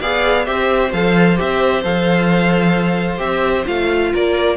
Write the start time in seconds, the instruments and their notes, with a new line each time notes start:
0.00 cello B3, viola G#4, violin D5 F5
0.45 cello C4, viola G4, violin C5 E5
0.92 cello F3, viola A4, violin F5
1.36 cello C4, viola G4, violin E5
1.83 cello F3, viola A4, violin F5
3.18 cello C4, viola G4, violin E5
3.65 cello A3, viola F4, violin F5
4.13 cello A#3, violin A#4 D5